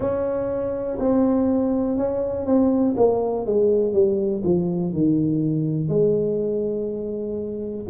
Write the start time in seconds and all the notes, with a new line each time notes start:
0.00 C#4
0.99 C4
1.97 C#4
2.45 C4
2.96 A#3
3.46 G#3
3.93 G3
4.44 F3
4.92 D#3
5.88 G#3